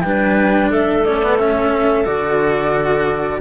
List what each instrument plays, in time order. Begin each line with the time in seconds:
0.00 cello G3 D4, clarinet B4, flute G5
0.70 cello A3, clarinet A4, flute E5
1.04 cello C#4, flute D5
1.22 cello B3
1.39 cello C#4, flute E5
2.04 cello D3 F#4, flute D5